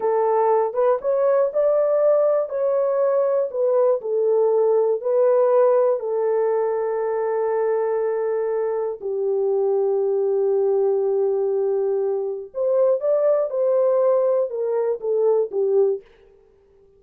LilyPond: \new Staff \with { instrumentName = "horn" } { \time 4/4 \tempo 4 = 120 a'4. b'8 cis''4 d''4~ | d''4 cis''2 b'4 | a'2 b'2 | a'1~ |
a'2 g'2~ | g'1~ | g'4 c''4 d''4 c''4~ | c''4 ais'4 a'4 g'4 | }